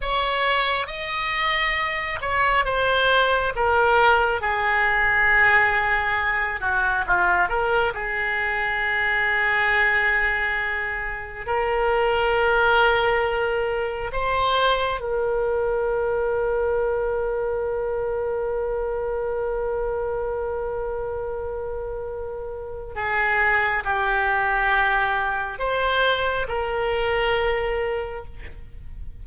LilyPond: \new Staff \with { instrumentName = "oboe" } { \time 4/4 \tempo 4 = 68 cis''4 dis''4. cis''8 c''4 | ais'4 gis'2~ gis'8 fis'8 | f'8 ais'8 gis'2.~ | gis'4 ais'2. |
c''4 ais'2.~ | ais'1~ | ais'2 gis'4 g'4~ | g'4 c''4 ais'2 | }